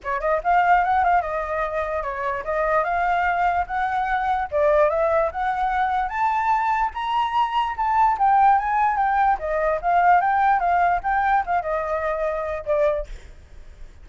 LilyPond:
\new Staff \with { instrumentName = "flute" } { \time 4/4 \tempo 4 = 147 cis''8 dis''8 f''4 fis''8 f''8 dis''4~ | dis''4 cis''4 dis''4 f''4~ | f''4 fis''2 d''4 | e''4 fis''2 a''4~ |
a''4 ais''2 a''4 | g''4 gis''4 g''4 dis''4 | f''4 g''4 f''4 g''4 | f''8 dis''2~ dis''8 d''4 | }